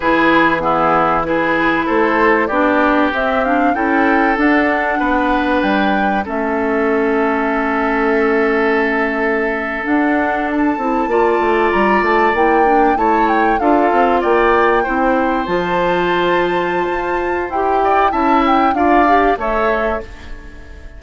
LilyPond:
<<
  \new Staff \with { instrumentName = "flute" } { \time 4/4 \tempo 4 = 96 b'4 gis'4 b'4 c''4 | d''4 e''8 f''8 g''4 fis''4~ | fis''4 g''4 e''2~ | e''2.~ e''8. fis''16~ |
fis''8. a''2 ais''8 a''8 g''16~ | g''8. a''8 g''8 f''4 g''4~ g''16~ | g''8. a''2.~ a''16 | g''4 a''8 g''8 f''4 e''4 | }
  \new Staff \with { instrumentName = "oboe" } { \time 4/4 gis'4 e'4 gis'4 a'4 | g'2 a'2 | b'2 a'2~ | a'1~ |
a'4.~ a'16 d''2~ d''16~ | d''8. cis''4 a'4 d''4 c''16~ | c''1~ | c''8 d''8 e''4 d''4 cis''4 | }
  \new Staff \with { instrumentName = "clarinet" } { \time 4/4 e'4 b4 e'2 | d'4 c'8 d'8 e'4 d'4~ | d'2 cis'2~ | cis'2.~ cis'8. d'16~ |
d'4~ d'16 e'8 f'2 e'16~ | e'16 d'8 e'4 f'2 e'16~ | e'8. f'2.~ f'16 | g'4 e'4 f'8 g'8 a'4 | }
  \new Staff \with { instrumentName = "bassoon" } { \time 4/4 e2. a4 | b4 c'4 cis'4 d'4 | b4 g4 a2~ | a2.~ a8. d'16~ |
d'4~ d'16 c'8 ais8 a8 g8 a8 ais16~ | ais8. a4 d'8 c'8 ais4 c'16~ | c'8. f2~ f16 f'4 | e'4 cis'4 d'4 a4 | }
>>